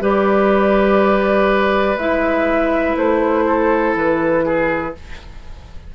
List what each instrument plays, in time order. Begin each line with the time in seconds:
0.00 bassoon G3, clarinet G4, oboe B4, flute D5
1.96 bassoon G#3, clarinet E4, flute E5
2.96 bassoon A3, flute C5
3.46 oboe A4
3.95 bassoon E3, flute B4
4.45 oboe G#4